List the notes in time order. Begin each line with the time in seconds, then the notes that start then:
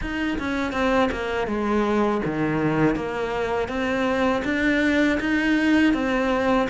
0.01 D#4
0.38 C#4
0.72 C4
1.11 A#3
1.47 G#3
2.25 D#3
2.95 A#3
3.68 C4
4.44 D4
5.20 D#4
5.93 C4